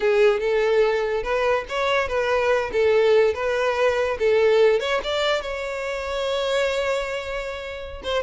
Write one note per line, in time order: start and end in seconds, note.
0.00 0.39 G#4
0.39 1.23 A4
1.23 1.64 B4
1.68 2.08 C#5
2.08 2.70 B4
2.72 3.34 A4
3.34 4.17 B4
4.19 4.80 A4
4.80 5.00 C#5
5.03 5.41 D5
5.41 8.02 C#5
8.03 8.22 C5